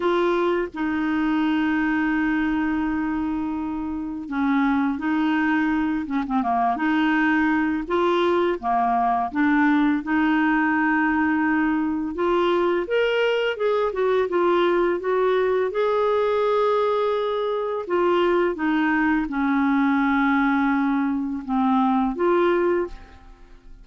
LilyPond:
\new Staff \with { instrumentName = "clarinet" } { \time 4/4 \tempo 4 = 84 f'4 dis'2.~ | dis'2 cis'4 dis'4~ | dis'8 cis'16 c'16 ais8 dis'4. f'4 | ais4 d'4 dis'2~ |
dis'4 f'4 ais'4 gis'8 fis'8 | f'4 fis'4 gis'2~ | gis'4 f'4 dis'4 cis'4~ | cis'2 c'4 f'4 | }